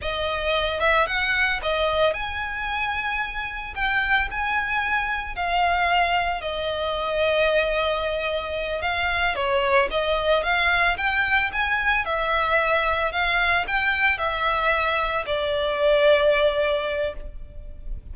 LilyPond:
\new Staff \with { instrumentName = "violin" } { \time 4/4 \tempo 4 = 112 dis''4. e''8 fis''4 dis''4 | gis''2. g''4 | gis''2 f''2 | dis''1~ |
dis''8 f''4 cis''4 dis''4 f''8~ | f''8 g''4 gis''4 e''4.~ | e''8 f''4 g''4 e''4.~ | e''8 d''2.~ d''8 | }